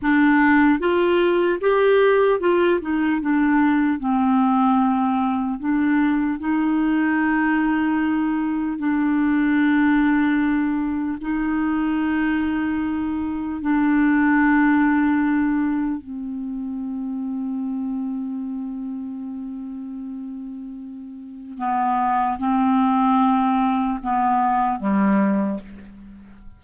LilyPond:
\new Staff \with { instrumentName = "clarinet" } { \time 4/4 \tempo 4 = 75 d'4 f'4 g'4 f'8 dis'8 | d'4 c'2 d'4 | dis'2. d'4~ | d'2 dis'2~ |
dis'4 d'2. | c'1~ | c'2. b4 | c'2 b4 g4 | }